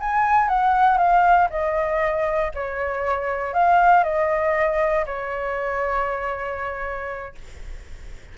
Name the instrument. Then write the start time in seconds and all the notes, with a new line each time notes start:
flute
0.00 G#5
0.49 F#5
0.98 F5
1.50 D#5
2.54 C#5
3.53 F5
4.04 D#5
5.06 C#5